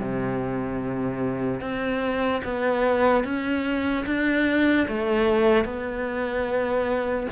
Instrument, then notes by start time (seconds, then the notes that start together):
cello
0.00 C3
1.61 C4
2.44 B3
3.25 C#4
4.07 D4
4.88 A3
5.65 B3